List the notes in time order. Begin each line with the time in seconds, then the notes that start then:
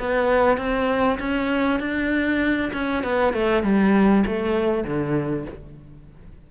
0.00 B3
0.58 C4
1.20 C#4
1.80 D4
2.74 C#4
3.04 B3
3.34 A3
3.63 G3
4.27 A3
4.85 D3